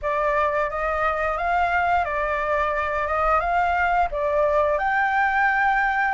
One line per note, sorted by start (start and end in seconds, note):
0.02 0.69 D5
0.69 1.37 D#5
1.37 2.05 F5
2.05 3.07 D5
3.07 3.40 D#5
3.40 4.08 F5
4.11 4.78 D5
4.78 6.14 G5